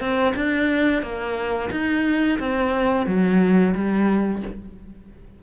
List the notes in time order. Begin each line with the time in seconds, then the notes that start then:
0.00 C4
0.36 D4
1.02 A#3
1.71 D#4
2.39 C4
3.07 F#3
3.75 G3